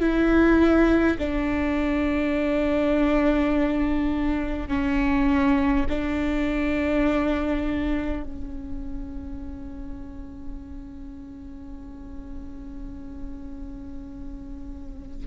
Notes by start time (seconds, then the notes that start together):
0.00 E4
1.19 D4
4.68 C#4
5.89 D4
8.24 C#4